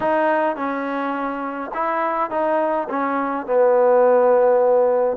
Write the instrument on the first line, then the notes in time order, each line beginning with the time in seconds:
trombone
0.00 D#4
0.55 C#4
1.73 E4
2.30 D#4
2.89 C#4
3.46 B3